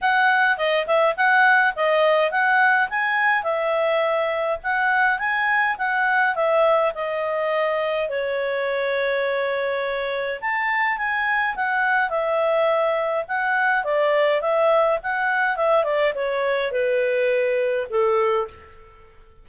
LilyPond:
\new Staff \with { instrumentName = "clarinet" } { \time 4/4 \tempo 4 = 104 fis''4 dis''8 e''8 fis''4 dis''4 | fis''4 gis''4 e''2 | fis''4 gis''4 fis''4 e''4 | dis''2 cis''2~ |
cis''2 a''4 gis''4 | fis''4 e''2 fis''4 | d''4 e''4 fis''4 e''8 d''8 | cis''4 b'2 a'4 | }